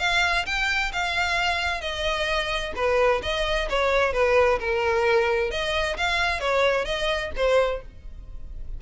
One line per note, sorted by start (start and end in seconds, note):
0.00 0.46 F5
0.46 0.92 G5
0.93 1.82 F5
1.82 2.73 D#5
2.76 3.22 B4
3.23 3.69 D#5
3.70 4.13 C#5
4.13 4.59 B4
4.60 5.51 A#4
5.51 5.97 D#5
5.98 6.40 F5
6.40 6.86 C#5
6.86 7.31 D#5
7.37 7.82 C5